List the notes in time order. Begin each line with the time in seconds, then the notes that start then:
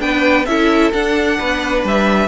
0.00 B3 D4 B4 G5
0.46 C#4 E4 A4 E5
0.93 D4 F#5
1.38 B3 B4
1.84 G3 E5